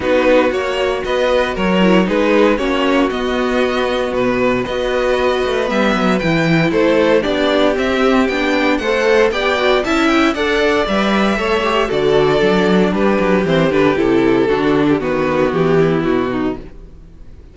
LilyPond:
<<
  \new Staff \with { instrumentName = "violin" } { \time 4/4 \tempo 4 = 116 b'4 cis''4 dis''4 cis''4 | b'4 cis''4 dis''2 | b'4 dis''2 e''4 | g''4 c''4 d''4 e''4 |
g''4 fis''4 g''4 a''8 g''8 | fis''4 e''2 d''4~ | d''4 b'4 c''8 b'8 a'4~ | a'4 b'4 g'4 fis'4 | }
  \new Staff \with { instrumentName = "violin" } { \time 4/4 fis'2 b'4 ais'4 | gis'4 fis'2.~ | fis'4 b'2.~ | b'4 a'4 g'2~ |
g'4 c''4 d''4 e''4 | d''2 cis''4 a'4~ | a'4 g'2. | fis'8. g'16 fis'4. e'4 dis'8 | }
  \new Staff \with { instrumentName = "viola" } { \time 4/4 dis'4 fis'2~ fis'8 e'8 | dis'4 cis'4 b2~ | b4 fis'2 b4 | e'2 d'4 c'4 |
d'4 a'4 g'8 fis'8 e'4 | a'4 b'4 a'8 g'8 fis'4 | d'2 c'8 d'8 e'4 | d'4 b2. | }
  \new Staff \with { instrumentName = "cello" } { \time 4/4 b4 ais4 b4 fis4 | gis4 ais4 b2 | b,4 b4. a8 g8 fis8 | e4 a4 b4 c'4 |
b4 a4 b4 cis'4 | d'4 g4 a4 d4 | fis4 g8 fis8 e8 d8 c4 | d4 dis4 e4 b,4 | }
>>